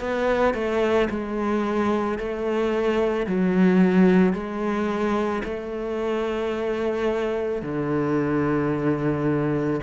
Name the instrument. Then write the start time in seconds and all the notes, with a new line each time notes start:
cello
0.00 B3
0.54 A3
1.10 G#3
2.18 A3
3.26 F#3
4.33 G#3
5.44 A3
7.62 D3